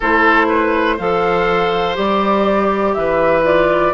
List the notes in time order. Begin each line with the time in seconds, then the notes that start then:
0.00 A3 E4 A4 C5
0.49 B4
0.96 F3 A4 C5 F5
1.94 G3 G4 D5
2.94 E3 B4 E5
3.43 F4 D5